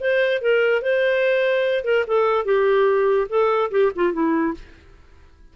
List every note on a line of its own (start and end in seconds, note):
0.00 0.41 C5
0.41 0.82 A#4
0.82 1.84 C5
1.84 2.05 A#4
2.07 2.45 A4
2.45 3.27 G4
3.29 3.71 A4
3.71 3.92 G4
3.95 4.13 F4
4.13 4.54 E4